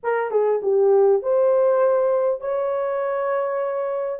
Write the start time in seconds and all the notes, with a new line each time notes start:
0.03 A#4
0.30 G#4
0.62 G4
1.22 C5
2.41 C#5